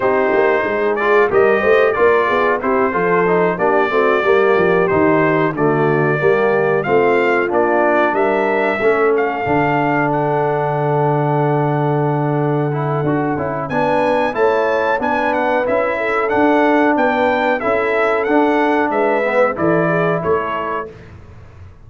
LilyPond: <<
  \new Staff \with { instrumentName = "trumpet" } { \time 4/4 \tempo 4 = 92 c''4. d''8 dis''4 d''4 | c''4. d''2 c''8~ | c''8 d''2 f''4 d''8~ | d''8 e''4. f''4. fis''8~ |
fis''1~ | fis''4 gis''4 a''4 gis''8 fis''8 | e''4 fis''4 g''4 e''4 | fis''4 e''4 d''4 cis''4 | }
  \new Staff \with { instrumentName = "horn" } { \time 4/4 g'4 gis'4 ais'8 c''8 ais'8 gis'8 | g'8 a'4 g'8 fis'8 g'4.~ | g'8 fis'4 g'4 f'4.~ | f'8 ais'4 a'2~ a'8~ |
a'1~ | a'4 b'4 cis''4 b'4~ | b'8 a'4. b'4 a'4~ | a'4 b'4 a'8 gis'8 a'4 | }
  \new Staff \with { instrumentName = "trombone" } { \time 4/4 dis'4. f'8 g'4 f'4 | e'8 f'8 dis'8 d'8 c'8 ais4 dis'8~ | dis'8 a4 ais4 c'4 d'8~ | d'4. cis'4 d'4.~ |
d'2.~ d'8 e'8 | fis'8 e'8 d'4 e'4 d'4 | e'4 d'2 e'4 | d'4. b8 e'2 | }
  \new Staff \with { instrumentName = "tuba" } { \time 4/4 c'8 ais8 gis4 g8 a8 ais8 b8 | c'8 f4 ais8 a8 g8 f8 dis8~ | dis8 d4 g4 a4 ais8~ | ais8 g4 a4 d4.~ |
d1 | d'8 cis'8 b4 a4 b4 | cis'4 d'4 b4 cis'4 | d'4 gis4 e4 a4 | }
>>